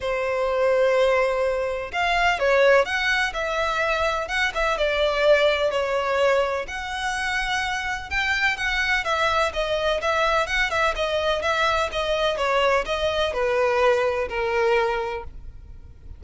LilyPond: \new Staff \with { instrumentName = "violin" } { \time 4/4 \tempo 4 = 126 c''1 | f''4 cis''4 fis''4 e''4~ | e''4 fis''8 e''8 d''2 | cis''2 fis''2~ |
fis''4 g''4 fis''4 e''4 | dis''4 e''4 fis''8 e''8 dis''4 | e''4 dis''4 cis''4 dis''4 | b'2 ais'2 | }